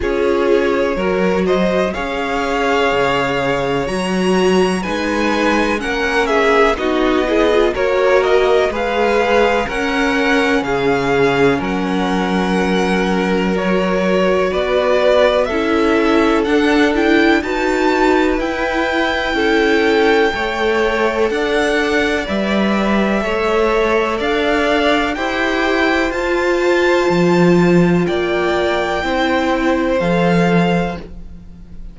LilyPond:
<<
  \new Staff \with { instrumentName = "violin" } { \time 4/4 \tempo 4 = 62 cis''4. dis''8 f''2 | ais''4 gis''4 fis''8 e''8 dis''4 | cis''8 dis''8 f''4 fis''4 f''4 | fis''2 cis''4 d''4 |
e''4 fis''8 g''8 a''4 g''4~ | g''2 fis''4 e''4~ | e''4 f''4 g''4 a''4~ | a''4 g''2 f''4 | }
  \new Staff \with { instrumentName = "violin" } { \time 4/4 gis'4 ais'8 c''8 cis''2~ | cis''4 b'4 ais'8 gis'8 fis'8 gis'8 | ais'4 b'4 ais'4 gis'4 | ais'2. b'4 |
a'2 b'2 | a'4 cis''4 d''2 | cis''4 d''4 c''2~ | c''4 d''4 c''2 | }
  \new Staff \with { instrumentName = "viola" } { \time 4/4 f'4 fis'4 gis'2 | fis'4 dis'4 cis'4 dis'8 e'16 f'16 | fis'4 gis'4 cis'2~ | cis'2 fis'2 |
e'4 d'8 e'8 fis'4 e'4~ | e'4 a'2 b'4 | a'2 g'4 f'4~ | f'2 e'4 a'4 | }
  \new Staff \with { instrumentName = "cello" } { \time 4/4 cis'4 fis4 cis'4 cis4 | fis4 gis4 ais4 b4 | ais4 gis4 cis'4 cis4 | fis2. b4 |
cis'4 d'4 dis'4 e'4 | cis'4 a4 d'4 g4 | a4 d'4 e'4 f'4 | f4 ais4 c'4 f4 | }
>>